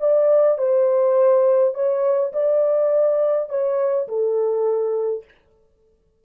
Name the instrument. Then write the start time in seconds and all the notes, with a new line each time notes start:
horn
0.00 D5
0.58 C5
1.74 C#5
2.33 D5
3.49 C#5
4.08 A4